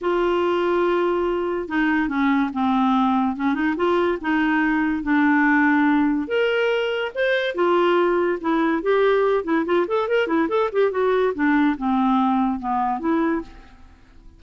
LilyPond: \new Staff \with { instrumentName = "clarinet" } { \time 4/4 \tempo 4 = 143 f'1 | dis'4 cis'4 c'2 | cis'8 dis'8 f'4 dis'2 | d'2. ais'4~ |
ais'4 c''4 f'2 | e'4 g'4. e'8 f'8 a'8 | ais'8 e'8 a'8 g'8 fis'4 d'4 | c'2 b4 e'4 | }